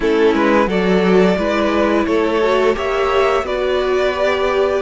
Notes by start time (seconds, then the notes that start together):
0.00 A3 C#4 E4 A4
0.33 G#3 B4
0.67 F#3 F#4 A4 D5
1.37 G#3 E4 B4
2.06 A3 A4 C#5
2.42 F#4
2.74 A#3 G4 C#5 E5
3.43 B3 F#4 B4 D5
4.13 G4